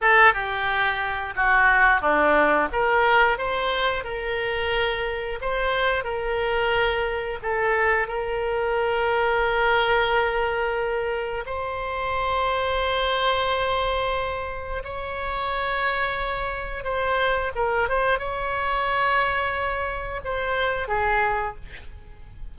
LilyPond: \new Staff \with { instrumentName = "oboe" } { \time 4/4 \tempo 4 = 89 a'8 g'4. fis'4 d'4 | ais'4 c''4 ais'2 | c''4 ais'2 a'4 | ais'1~ |
ais'4 c''2.~ | c''2 cis''2~ | cis''4 c''4 ais'8 c''8 cis''4~ | cis''2 c''4 gis'4 | }